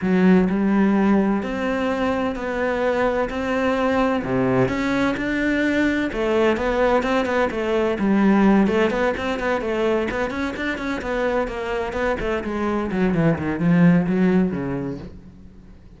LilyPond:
\new Staff \with { instrumentName = "cello" } { \time 4/4 \tempo 4 = 128 fis4 g2 c'4~ | c'4 b2 c'4~ | c'4 c4 cis'4 d'4~ | d'4 a4 b4 c'8 b8 |
a4 g4. a8 b8 c'8 | b8 a4 b8 cis'8 d'8 cis'8 b8~ | b8 ais4 b8 a8 gis4 fis8 | e8 dis8 f4 fis4 cis4 | }